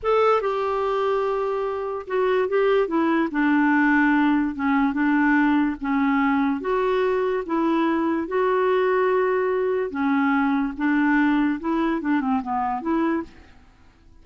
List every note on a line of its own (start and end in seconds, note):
0.03 0.41 A4
0.41 2.06 G4
2.07 2.48 F#4
2.48 2.87 G4
2.87 3.28 E4
3.31 4.55 D4
4.55 4.93 C#4
4.93 5.76 D4
5.80 6.60 C#4
6.60 7.43 F#4
7.46 8.27 E4
8.27 9.90 F#4
9.90 10.73 C#4
10.77 11.59 D4
11.60 12.01 E4
12.01 12.20 D4
12.20 12.41 C4
12.42 12.81 B3
12.81 13.22 E4